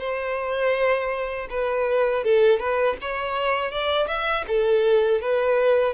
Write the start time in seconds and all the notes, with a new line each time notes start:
0.00 C5
1.50 B4
2.24 A4
2.60 B4
3.01 C#5
3.71 D5
4.08 E5
4.48 A4
5.22 B4